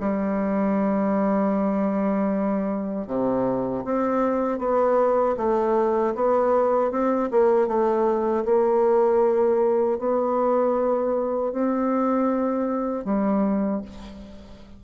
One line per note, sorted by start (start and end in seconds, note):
0.00 3.07 G3
3.07 3.84 C3
3.85 4.59 C4
4.59 5.36 B3
5.37 6.14 A3
6.15 6.91 B3
6.91 7.30 C4
7.31 7.68 A#3
7.68 8.45 A3
8.45 9.99 A#3
9.99 11.52 B3
11.52 13.05 C4
13.05 13.82 G3